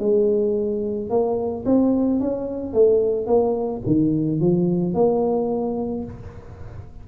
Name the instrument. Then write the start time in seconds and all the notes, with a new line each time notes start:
tuba
0.00 G#3
1.10 A#3
1.66 C4
2.21 C#4
2.74 A3
3.27 A#3
3.87 D#3
4.40 F3
4.95 A#3